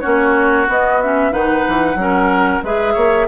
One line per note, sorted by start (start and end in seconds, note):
0.00 0.68 A#3
0.00 0.67 C#4
0.00 1.32 F#4
0.00 0.65 C#5
0.67 1.00 B3
0.67 1.32 B3
0.67 1.01 D#5
1.01 1.31 C#4
1.01 1.33 E5
1.31 1.65 D#3
1.31 1.96 D#4
1.31 1.97 B4
1.31 2.63 F#5
1.68 1.95 E3
1.95 2.60 F#3
1.95 2.63 C#4
1.95 2.64 A#4
2.62 2.95 G#3
2.62 3.28 G#4
2.62 2.93 B4
2.62 3.28 E5
2.93 3.28 A#3
2.93 3.26 C#5